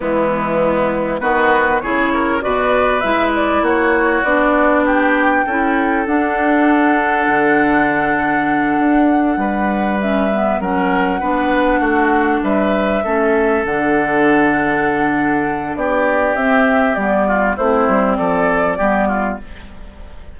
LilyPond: <<
  \new Staff \with { instrumentName = "flute" } { \time 4/4 \tempo 4 = 99 e'2 b'4 cis''4 | d''4 e''8 d''8 cis''4 d''4 | g''2 fis''2~ | fis''1~ |
fis''8 e''4 fis''2~ fis''8~ | fis''8 e''2 fis''4.~ | fis''2 d''4 e''4 | d''4 c''4 d''2 | }
  \new Staff \with { instrumentName = "oboe" } { \time 4/4 b2 fis'4 gis'8 ais'8 | b'2 fis'2 | g'4 a'2.~ | a'2.~ a'8 b'8~ |
b'4. ais'4 b'4 fis'8~ | fis'8 b'4 a'2~ a'8~ | a'2 g'2~ | g'8 f'8 e'4 a'4 g'8 f'8 | }
  \new Staff \with { instrumentName = "clarinet" } { \time 4/4 gis2 b4 e'4 | fis'4 e'2 d'4~ | d'4 e'4 d'2~ | d'1~ |
d'8 cis'8 b8 cis'4 d'4.~ | d'4. cis'4 d'4.~ | d'2. c'4 | b4 c'2 b4 | }
  \new Staff \with { instrumentName = "bassoon" } { \time 4/4 e2 dis4 cis4 | b,4 gis4 ais4 b4~ | b4 cis'4 d'2 | d2~ d8 d'4 g8~ |
g4. fis4 b4 a8~ | a8 g4 a4 d4.~ | d2 b4 c'4 | g4 a8 g8 f4 g4 | }
>>